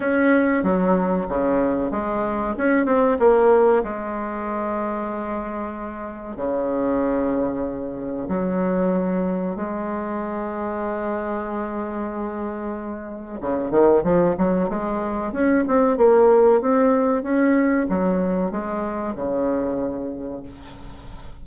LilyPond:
\new Staff \with { instrumentName = "bassoon" } { \time 4/4 \tempo 4 = 94 cis'4 fis4 cis4 gis4 | cis'8 c'8 ais4 gis2~ | gis2 cis2~ | cis4 fis2 gis4~ |
gis1~ | gis4 cis8 dis8 f8 fis8 gis4 | cis'8 c'8 ais4 c'4 cis'4 | fis4 gis4 cis2 | }